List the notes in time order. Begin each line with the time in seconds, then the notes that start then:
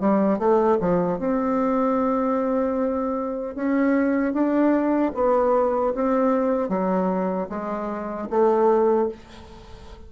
0.00 G3
0.38 A3
0.80 F3
1.19 C4
3.55 C#4
4.33 D4
5.14 B3
5.95 C4
6.69 F#3
7.49 G#3
8.30 A3